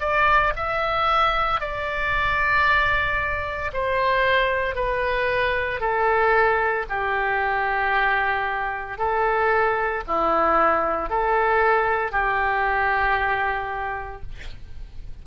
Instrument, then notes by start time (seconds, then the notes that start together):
oboe
0.00 D5
0.56 E5
1.61 D5
3.73 C5
4.75 B4
5.80 A4
6.89 G4
8.98 A4
10.07 E4
11.10 A4
12.11 G4